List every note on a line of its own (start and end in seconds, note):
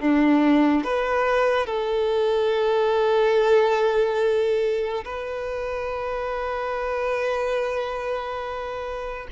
0.00 0.84 D4
0.84 1.66 B4
1.66 5.04 A4
5.05 9.27 B4